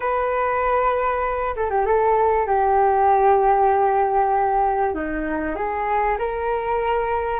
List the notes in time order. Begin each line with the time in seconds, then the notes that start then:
0.00 B4
1.55 A4
1.70 G4
1.85 A4
2.47 G4
4.94 D#4
5.55 G#4
6.18 A#4